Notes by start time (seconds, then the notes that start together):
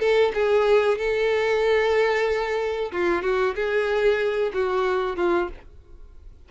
0.00 A4
0.34 G#4
0.98 A4
2.92 F4
3.23 F#4
3.56 G#4
4.54 F#4
5.17 F4